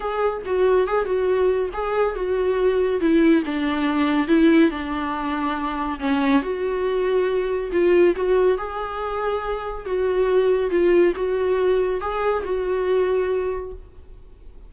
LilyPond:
\new Staff \with { instrumentName = "viola" } { \time 4/4 \tempo 4 = 140 gis'4 fis'4 gis'8 fis'4. | gis'4 fis'2 e'4 | d'2 e'4 d'4~ | d'2 cis'4 fis'4~ |
fis'2 f'4 fis'4 | gis'2. fis'4~ | fis'4 f'4 fis'2 | gis'4 fis'2. | }